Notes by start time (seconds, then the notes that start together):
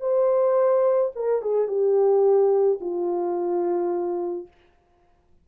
0.00 C5
1.15 A#4
1.41 G#4
1.68 G4
2.81 F4